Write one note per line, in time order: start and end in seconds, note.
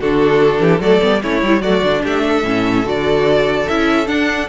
0.00 0.60 D3
0.00 0.80 D4
0.00 0.61 F#4
0.00 0.82 A4
0.60 0.80 E3
0.60 0.81 G4
0.80 1.00 F#3
0.80 1.01 A3
0.80 1.22 A4
0.80 1.23 D5
1.01 1.24 G3
1.01 1.22 B3
1.22 1.43 A3
1.22 1.42 C#4
1.22 1.62 E4
1.22 1.62 C#5
1.42 1.62 G3
1.42 1.63 E4
1.62 1.83 F#3
1.62 1.84 A3
1.62 2.03 F#4
1.62 2.03 D5
1.84 2.04 D3
1.84 2.44 D4
2.04 2.44 A3
2.04 2.25 G4
2.04 2.88 E5
2.28 4.49 A4
2.44 2.85 A2
2.44 2.85 C#4
2.85 3.67 D3
2.85 3.66 F#4
2.85 3.68 D5
3.68 4.08 C#4
3.68 4.07 E4
3.68 4.08 E5
4.07 4.47 D4
4.07 4.49 D4
4.07 4.49 F#5